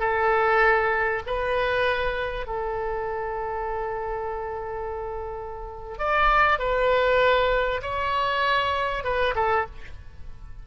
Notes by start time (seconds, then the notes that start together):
0.00 A4
1.27 B4
2.47 A4
5.99 D5
6.59 B4
7.83 C#5
9.04 B4
9.36 A4